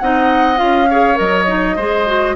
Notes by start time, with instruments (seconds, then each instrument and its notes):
0.00 bassoon C4, clarinet D#4, oboe D#5, flute F#5
0.57 bassoon C#4, clarinet F4, flute F5
0.90 clarinet G#4, oboe C#5
1.15 bassoon F#3, clarinet A#4, flute D#5
1.48 clarinet D#4
1.76 bassoon G#3, clarinet G#4, oboe C5
2.07 clarinet F#4